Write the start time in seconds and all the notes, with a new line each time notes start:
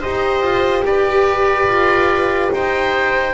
0.00 D#4 G4 C5 D#5
0.41 F4
0.84 G4 B4 D5
1.67 F4
2.52 D#4 C5 G5